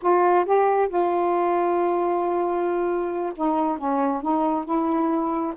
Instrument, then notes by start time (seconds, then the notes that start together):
saxophone
0.02 F4
0.45 G4
0.88 F4
3.35 D#4
3.78 C#4
4.22 D#4
4.64 E4